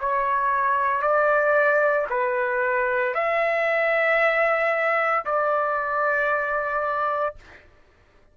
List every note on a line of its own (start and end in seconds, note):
0.00 1.02 C#5
1.02 2.07 D5
2.10 3.14 B4
3.14 5.25 E5
5.25 7.36 D5